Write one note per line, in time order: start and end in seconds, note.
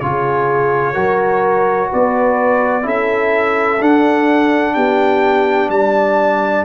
0.00 0.96 C#3
0.00 0.94 F4
0.00 0.93 G#4
0.00 1.90 C#5
0.93 1.91 F#3
0.93 2.83 F#4
0.93 1.88 A#4
1.89 2.85 B3
1.89 2.84 B4
1.89 2.87 D5
2.83 3.81 C#4
2.83 3.78 E4
2.83 4.75 A4
2.83 3.83 E5
3.81 4.76 D4
3.81 6.65 D4
3.81 4.74 F#5
4.74 5.69 B3
4.74 5.70 G4
4.74 5.69 G5
5.69 6.64 G3
5.69 6.65 D5
5.69 6.65 A5